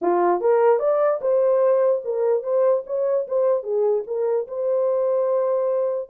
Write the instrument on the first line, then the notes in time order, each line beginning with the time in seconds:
horn
0.01 F4
0.41 A#4
0.79 D5
1.21 C5
2.04 A#4
2.43 C5
2.86 C#5
3.27 C5
3.63 G#4
4.06 A#4
4.47 C5